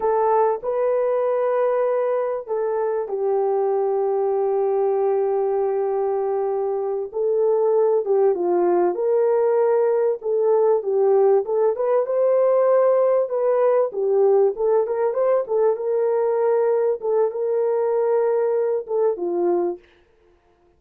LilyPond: \new Staff \with { instrumentName = "horn" } { \time 4/4 \tempo 4 = 97 a'4 b'2. | a'4 g'2.~ | g'2.~ g'8 a'8~ | a'4 g'8 f'4 ais'4.~ |
ais'8 a'4 g'4 a'8 b'8 c''8~ | c''4. b'4 g'4 a'8 | ais'8 c''8 a'8 ais'2 a'8 | ais'2~ ais'8 a'8 f'4 | }